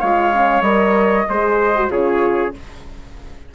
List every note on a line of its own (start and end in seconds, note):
0.00 0.61 G#3
0.00 0.33 F4
0.00 1.27 C#5
0.00 0.62 F5
0.33 0.62 C#4
0.61 1.25 G3
0.61 1.26 A#4
0.61 1.88 D#5
1.29 1.90 G#3
1.29 1.76 G#4
1.29 1.91 C5
1.76 1.89 F#4
1.89 2.53 C#3
1.89 2.52 F4
1.89 2.54 G#4
1.89 2.54 C#5